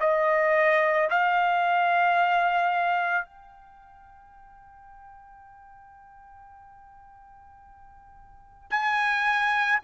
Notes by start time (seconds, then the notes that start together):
0.00 D#5
1.11 F5
3.26 G5
8.71 G#5